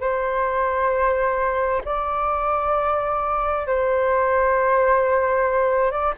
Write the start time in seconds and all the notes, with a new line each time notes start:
0.00 C5
1.85 D5
3.67 C5
5.91 D5